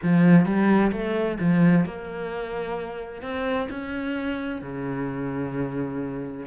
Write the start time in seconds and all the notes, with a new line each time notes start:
0.02 F3
0.45 G3
0.92 A3
1.39 F3
1.85 A#3
3.22 C4
3.70 C#4
4.61 C#3